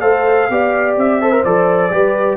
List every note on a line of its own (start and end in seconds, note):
0.00 0.49 A3
0.00 0.48 A4
0.00 0.49 C5
0.00 0.94 F5
0.49 0.97 B3
0.49 1.21 G4
0.49 1.22 D5
0.97 1.44 C4
0.97 1.44 E5
1.21 1.31 A4
1.21 1.92 C5
1.31 1.43 A#4
1.44 1.90 F3
1.44 1.91 A4
1.44 2.37 D5
1.90 2.37 G3
1.90 2.37 G4
1.90 2.37 B4